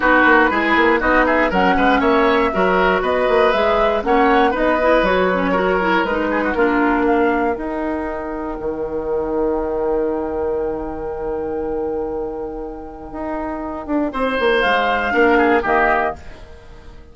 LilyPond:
<<
  \new Staff \with { instrumentName = "flute" } { \time 4/4 \tempo 4 = 119 b'2 dis''8 e''8 fis''4 | e''2 dis''4 e''4 | fis''4 dis''4 cis''2 | b'4 ais'4 f''4 g''4~ |
g''1~ | g''1~ | g''1~ | g''4 f''2 dis''4 | }
  \new Staff \with { instrumentName = "oboe" } { \time 4/4 fis'4 gis'4 fis'8 gis'8 ais'8 b'8 | cis''4 ais'4 b'2 | cis''4 b'2 ais'4~ | ais'8 gis'16 fis'16 f'4 ais'2~ |
ais'1~ | ais'1~ | ais'1 | c''2 ais'8 gis'8 g'4 | }
  \new Staff \with { instrumentName = "clarinet" } { \time 4/4 dis'4 e'4 dis'4 cis'4~ | cis'4 fis'2 gis'4 | cis'4 dis'8 e'8 fis'8 cis'8 fis'8 e'8 | dis'4 d'2 dis'4~ |
dis'1~ | dis'1~ | dis'1~ | dis'2 d'4 ais4 | }
  \new Staff \with { instrumentName = "bassoon" } { \time 4/4 b8 ais8 gis8 ais8 b4 fis8 gis8 | ais4 fis4 b8 ais8 gis4 | ais4 b4 fis2 | gis4 ais2 dis'4~ |
dis'4 dis2.~ | dis1~ | dis2 dis'4. d'8 | c'8 ais8 gis4 ais4 dis4 | }
>>